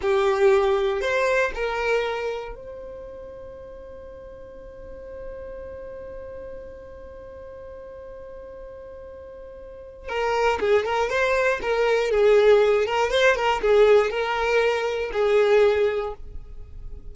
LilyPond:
\new Staff \with { instrumentName = "violin" } { \time 4/4 \tempo 4 = 119 g'2 c''4 ais'4~ | ais'4 c''2.~ | c''1~ | c''1~ |
c''1 | ais'4 gis'8 ais'8 c''4 ais'4 | gis'4. ais'8 c''8 ais'8 gis'4 | ais'2 gis'2 | }